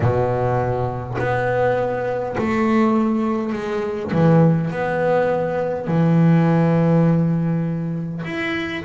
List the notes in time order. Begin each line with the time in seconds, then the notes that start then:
0.00 B2
1.18 B3
2.38 A3
3.52 G#3
4.12 E3
4.71 B3
5.87 E3
8.24 E4